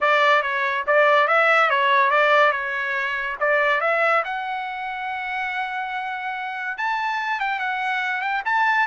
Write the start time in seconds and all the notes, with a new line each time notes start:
0.00 D5
0.42 C#5
0.86 D5
1.27 E5
1.70 C#5
2.10 D5
2.51 C#5
3.40 D5
3.80 E5
4.24 F#5
6.77 A5
7.39 G5
7.59 F#5
8.21 G5
8.45 A5